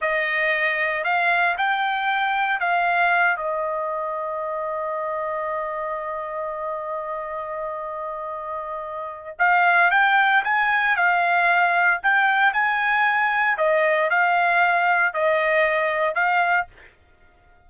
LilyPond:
\new Staff \with { instrumentName = "trumpet" } { \time 4/4 \tempo 4 = 115 dis''2 f''4 g''4~ | g''4 f''4. dis''4.~ | dis''1~ | dis''1~ |
dis''2 f''4 g''4 | gis''4 f''2 g''4 | gis''2 dis''4 f''4~ | f''4 dis''2 f''4 | }